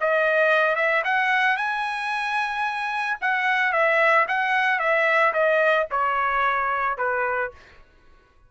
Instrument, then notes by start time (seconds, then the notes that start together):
trumpet
0.00 D#5
0.75 E5
1.04 F#5
1.57 G#5
3.21 F#5
3.72 E5
4.28 F#5
4.79 E5
5.33 D#5
5.91 C#5
6.97 B4